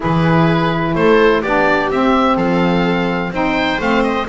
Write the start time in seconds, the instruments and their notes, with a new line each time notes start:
0.00 double bass E3, saxophone E4, viola G#4, oboe B4
0.94 double bass A3, viola A4, oboe C5
1.41 double bass B3, saxophone D4, viola G4, oboe D5
1.90 double bass C4, saxophone C4, oboe E5
2.36 double bass F3, viola A4, oboe F5
3.30 double bass C4, saxophone D#4, viola C5, oboe G5
3.79 double bass A3, saxophone C4, oboe F5
4.03 oboe D#5